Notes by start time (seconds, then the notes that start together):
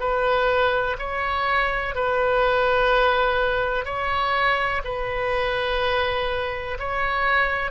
0.00 B4
0.99 C#5
1.95 B4
3.85 C#5
4.84 B4
6.79 C#5